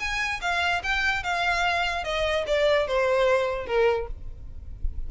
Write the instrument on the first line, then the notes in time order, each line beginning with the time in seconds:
violin
0.00 G#5
0.41 F5
0.83 G5
1.23 F5
2.04 D#5
2.47 D5
2.87 C5
3.66 A#4